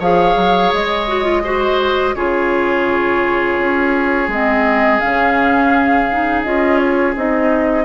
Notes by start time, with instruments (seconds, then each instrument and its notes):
0.00 bassoon F3, clarinet G#4, oboe C#5, flute F5
0.36 bassoon F#3
0.74 bassoon G#3, flute D#5
1.08 clarinet F#4
1.25 clarinet F4
1.44 clarinet F#4, oboe C5
2.15 bassoon C#3, clarinet F4, oboe G#4, flute C#5
3.59 bassoon C#4
4.28 bassoon G#3, clarinet C4, flute D#5
5.00 bassoon C#3, clarinet C#4, flute F5
6.12 clarinet D#4
6.44 bassoon C#4, clarinet F4, flute D#5
6.78 flute C#5
7.16 bassoon C4, clarinet D#4, flute D#5